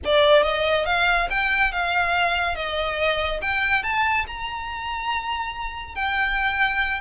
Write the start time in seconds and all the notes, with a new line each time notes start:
0.04 D5
0.43 D#5
0.85 F5
1.29 G5
1.71 F5
2.55 D#5
3.41 G5
3.83 A5
4.27 A#5
5.95 G5